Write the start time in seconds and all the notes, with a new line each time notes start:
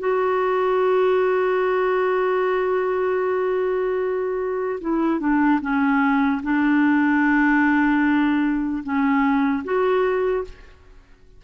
0.00 F#4
4.81 E4
5.20 D4
5.62 C#4
6.44 D4
8.84 C#4
9.64 F#4